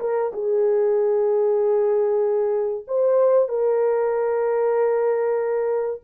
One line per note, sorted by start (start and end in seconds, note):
0.00 0.32 A#4
0.33 2.85 G#4
2.87 3.48 C5
3.48 6.01 A#4